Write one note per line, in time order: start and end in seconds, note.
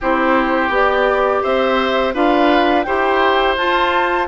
0.00 0.69 C4
0.00 0.71 E4
0.00 1.42 G4
0.00 0.73 C5
0.69 1.40 B3
0.69 2.14 G4
0.69 1.42 D5
1.42 2.14 C4
1.42 2.14 C5
1.42 2.14 E5
2.14 2.86 D4
2.14 2.85 F4
2.14 2.85 B4
2.14 2.83 F5
2.83 3.56 E4
2.83 3.57 G4
2.83 4.27 C5
2.83 3.54 G5
3.56 4.27 F4
3.56 4.27 A5